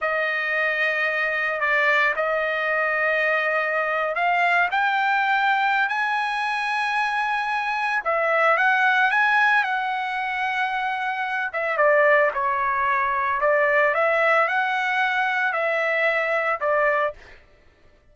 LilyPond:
\new Staff \with { instrumentName = "trumpet" } { \time 4/4 \tempo 4 = 112 dis''2. d''4 | dis''2.~ dis''8. f''16~ | f''8. g''2~ g''16 gis''4~ | gis''2. e''4 |
fis''4 gis''4 fis''2~ | fis''4. e''8 d''4 cis''4~ | cis''4 d''4 e''4 fis''4~ | fis''4 e''2 d''4 | }